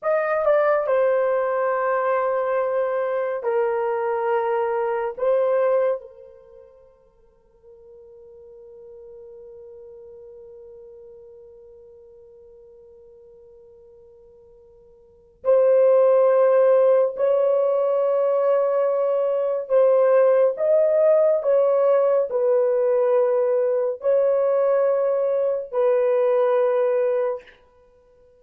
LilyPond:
\new Staff \with { instrumentName = "horn" } { \time 4/4 \tempo 4 = 70 dis''8 d''8 c''2. | ais'2 c''4 ais'4~ | ais'1~ | ais'1~ |
ais'2 c''2 | cis''2. c''4 | dis''4 cis''4 b'2 | cis''2 b'2 | }